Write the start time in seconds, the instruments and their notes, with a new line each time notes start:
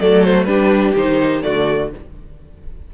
0.00 cello F#3, viola A3, violin A4 D5
0.24 violin C5
0.45 cello G3, viola D4, violin G4 B4
0.96 cello D#3, viola D#4, violin C5
1.42 cello D3, viola A3, violin F#4 D5